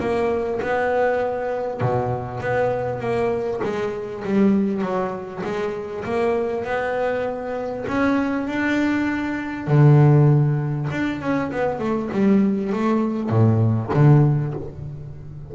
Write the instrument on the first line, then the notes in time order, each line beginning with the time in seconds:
double bass
0.00 A#3
0.62 B3
1.81 B2
2.41 B3
3.00 A#3
3.63 G#3
4.25 G3
4.82 F#3
5.44 G#3
6.05 A#3
6.65 B3
7.88 C#4
8.47 D4
9.67 D3
10.91 D4
11.21 C#4
11.52 B3
11.79 A3
12.12 G3
12.73 A3
13.30 A2
13.94 D3